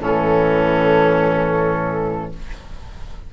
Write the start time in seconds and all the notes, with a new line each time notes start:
0.00 A2 E3 C#4 A4